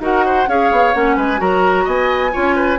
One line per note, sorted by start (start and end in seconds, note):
0.00 0.47 D#4
0.00 0.47 F#4
0.00 0.25 A#4
0.00 0.49 F#5
0.25 0.49 C5
0.47 0.71 C#4
0.47 0.94 G#4
0.47 1.16 C#5
0.47 0.94 F5
0.71 0.94 B3
0.94 1.17 A#3
0.94 1.37 C#4
0.94 1.17 F#5
1.16 1.40 G#3
1.16 1.40 B4
1.16 1.41 G#5
1.37 1.86 F#3
1.37 2.30 F#4
1.37 1.84 A#4
1.37 1.87 A#5
1.84 2.33 B3
1.84 2.31 D#5
1.84 2.79 G#5
2.32 2.79 C#4
2.32 2.78 F4
2.32 2.55 C#5
2.55 2.79 B4